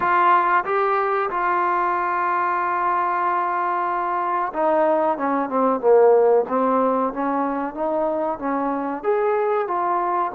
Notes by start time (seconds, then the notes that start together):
0.00 F4
0.65 G4
1.29 F4
4.53 D#4
5.17 C#4
5.49 C4
5.80 A#3
6.48 C4
7.13 C#4
7.74 D#4
8.38 C#4
9.03 G#4
9.67 F4